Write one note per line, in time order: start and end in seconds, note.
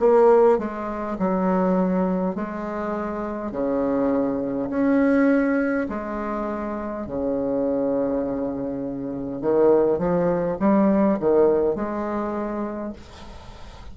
0.00 0.58 A#3
0.58 1.17 G#3
1.19 2.35 F#3
2.35 3.51 G#3
3.51 4.69 C#3
4.70 5.87 C#4
5.89 7.06 G#3
7.06 9.42 C#3
9.42 9.98 D#3
9.98 10.57 F3
10.60 11.19 G3
11.20 11.75 D#3
11.75 12.93 G#3